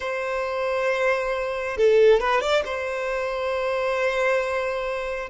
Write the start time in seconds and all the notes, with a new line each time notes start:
0.00 C5
1.76 A4
2.19 B4
2.40 D5
2.65 C5